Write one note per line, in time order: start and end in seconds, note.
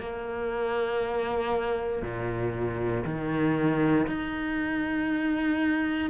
0.00 2.02 A#3
2.02 3.04 A#2
3.05 4.07 D#3
4.07 6.10 D#4